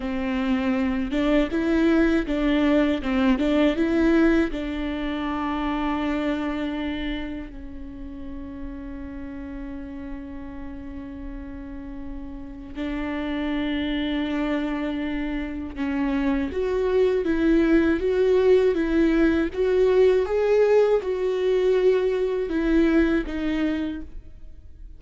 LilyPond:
\new Staff \with { instrumentName = "viola" } { \time 4/4 \tempo 4 = 80 c'4. d'8 e'4 d'4 | c'8 d'8 e'4 d'2~ | d'2 cis'2~ | cis'1~ |
cis'4 d'2.~ | d'4 cis'4 fis'4 e'4 | fis'4 e'4 fis'4 gis'4 | fis'2 e'4 dis'4 | }